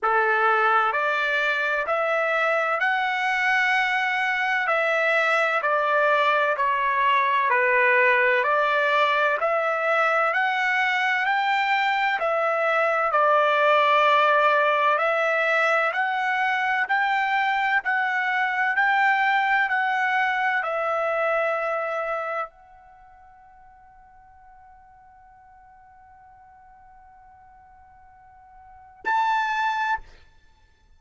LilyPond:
\new Staff \with { instrumentName = "trumpet" } { \time 4/4 \tempo 4 = 64 a'4 d''4 e''4 fis''4~ | fis''4 e''4 d''4 cis''4 | b'4 d''4 e''4 fis''4 | g''4 e''4 d''2 |
e''4 fis''4 g''4 fis''4 | g''4 fis''4 e''2 | fis''1~ | fis''2. a''4 | }